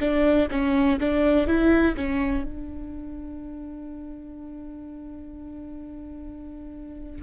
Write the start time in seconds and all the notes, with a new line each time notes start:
0.00 D4
0.51 C#4
1.00 D4
1.47 E4
1.97 C#4
2.45 D4